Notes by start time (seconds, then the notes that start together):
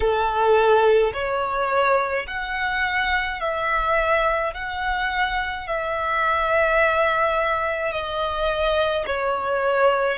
0.00 A4
1.13 C#5
2.26 F#5
3.40 E5
4.54 F#5
5.67 E5
7.92 D#5
9.06 C#5